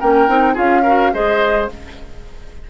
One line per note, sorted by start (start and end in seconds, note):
0.00 0.28 A#3
0.00 0.28 C#4
0.00 0.54 A#4
0.00 0.57 G5
0.28 0.56 C4
0.28 0.54 D#4
0.54 1.13 C#4
0.54 0.82 F4
0.54 0.82 G#4
0.54 1.13 F5
0.83 1.13 F#4
0.83 1.11 A#4
1.13 1.70 G#3
1.13 1.69 G#4
1.13 1.70 C5
1.13 1.70 D#5